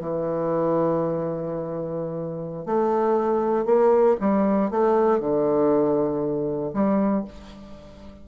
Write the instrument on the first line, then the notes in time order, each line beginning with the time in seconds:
bassoon
0.00 E3
2.66 A3
3.66 A#3
4.20 G3
4.71 A3
5.20 D3
6.74 G3